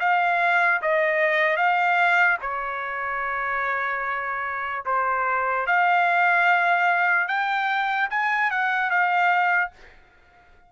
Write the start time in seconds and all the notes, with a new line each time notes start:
0.00 F5
0.82 D#5
1.57 F5
2.41 C#5
4.86 C5
5.67 F5
7.28 G5
8.10 G#5
8.51 F#5
8.90 F5